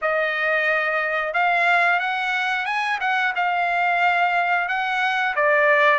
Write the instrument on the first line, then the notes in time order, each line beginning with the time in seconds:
trumpet
0.01 D#5
1.33 F5
1.99 F#5
2.65 G#5
3.00 F#5
3.35 F5
4.68 F#5
5.35 D5